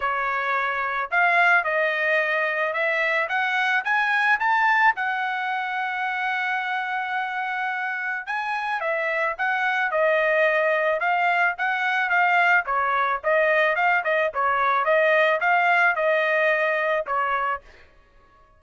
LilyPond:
\new Staff \with { instrumentName = "trumpet" } { \time 4/4 \tempo 4 = 109 cis''2 f''4 dis''4~ | dis''4 e''4 fis''4 gis''4 | a''4 fis''2.~ | fis''2. gis''4 |
e''4 fis''4 dis''2 | f''4 fis''4 f''4 cis''4 | dis''4 f''8 dis''8 cis''4 dis''4 | f''4 dis''2 cis''4 | }